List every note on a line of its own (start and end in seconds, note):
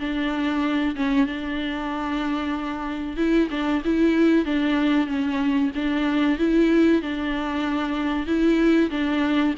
0.00 0.96 D4
0.96 1.27 C#4
1.27 3.17 D4
3.17 3.49 E4
3.51 3.83 D4
3.85 4.46 E4
4.46 5.07 D4
5.07 5.71 C#4
5.75 6.39 D4
6.39 7.03 E4
7.03 8.27 D4
8.27 8.90 E4
8.91 9.55 D4